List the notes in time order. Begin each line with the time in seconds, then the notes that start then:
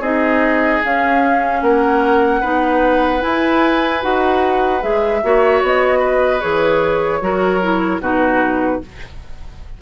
0.00 C4 D#4 G#4 D#5
0.84 C#4 F5
1.62 A#3 A#4 F#5
2.41 B3 D#4 B4
3.20 E4 G#5
4.01 D#4 F#4 F#5
4.82 G#3 G#4 E5
5.23 A#3 F#4 C#5
5.62 B3 D#5
5.99 B4
6.40 E3 G#4 C#5
7.21 F#3 F#4 A#4
7.62 E4
8.00 B2 D#4 F#4 B4